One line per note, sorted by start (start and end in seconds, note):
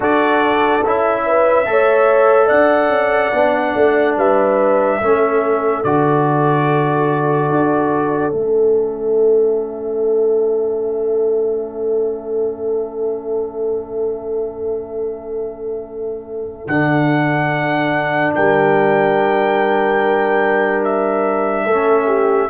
0.00 0.81 D4
0.00 0.81 F#4
0.00 1.22 A4
0.00 0.86 D5
0.84 1.66 C#4
0.84 1.65 E4
0.84 2.48 E5
1.26 1.67 B4
1.65 2.49 A3
1.65 3.32 A4
1.65 2.46 C#5
2.46 2.89 D4
2.46 4.13 D5
2.46 4.15 F#5
2.89 3.30 C#4
3.32 3.74 B3
3.32 5.01 D4
3.75 4.16 A3
4.16 5.00 G3
4.16 5.00 B4
4.16 5.84 E5
5.00 5.84 A3
5.00 5.84 C#4
5.00 18.34 A4
5.84 7.49 D3
5.84 8.32 F#4
5.84 8.34 D5
7.49 8.32 D4
8.32 16.66 A3
8.32 16.65 C#4
8.32 16.67 E5
16.67 18.34 D3
16.67 21.70 D4
16.67 18.34 F#5
18.34 21.66 G3
18.34 21.65 A#4
18.34 20.84 G5
20.84 22.49 E5
21.65 22.49 A3
21.65 22.49 C#4
21.65 22.06 A4
22.07 22.48 G4